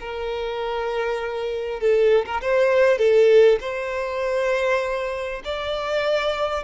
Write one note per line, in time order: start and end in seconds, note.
0.00 1.80 A#4
1.80 2.25 A4
2.26 2.41 A#4
2.41 2.98 C5
2.98 3.59 A4
3.60 5.42 C5
5.44 6.63 D5